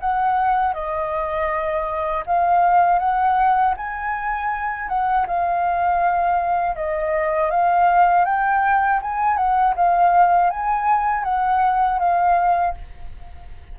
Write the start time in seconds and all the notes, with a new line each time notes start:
0.00 F#5
0.74 D#5
2.26 F5
2.99 F#5
3.77 G#5
4.89 F#5
5.27 F5
6.76 D#5
7.50 F5
8.25 G5
9.02 G#5
9.37 F#5
9.76 F5
10.50 G#5
11.24 F#5
11.99 F5